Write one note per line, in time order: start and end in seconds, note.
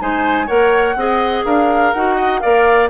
0.00 0.50 G#3
0.00 0.47 D#4
0.00 0.47 C5
0.00 0.48 G#5
0.47 0.96 A#3
0.47 0.96 A#4
0.47 0.95 C#5
0.47 1.45 F#5
0.96 1.44 C4
0.96 1.95 G#4
0.96 1.46 D#5
1.45 1.94 D4
1.45 2.16 A#4
1.45 1.93 F5
1.93 2.43 D#4
1.93 2.42 F#4
1.93 2.40 F#5
2.16 2.40 D#5
2.40 2.91 A#3
2.40 2.90 A#4
2.40 2.91 D5
2.40 2.89 F5